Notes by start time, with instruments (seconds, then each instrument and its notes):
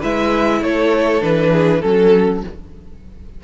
0.00 cello G#3, viola E4, violin B4 E5
0.61 cello A3, violin A4 C#5
1.21 cello E3, viola D4, violin B4
1.52 violin G#4
1.81 cello F#3, viola C#4, violin A4